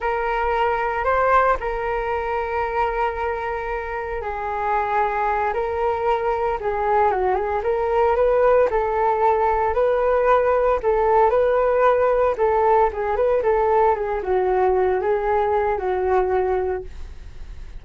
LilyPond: \new Staff \with { instrumentName = "flute" } { \time 4/4 \tempo 4 = 114 ais'2 c''4 ais'4~ | ais'1 | gis'2~ gis'8 ais'4.~ | ais'8 gis'4 fis'8 gis'8 ais'4 b'8~ |
b'8 a'2 b'4.~ | b'8 a'4 b'2 a'8~ | a'8 gis'8 b'8 a'4 gis'8 fis'4~ | fis'8 gis'4. fis'2 | }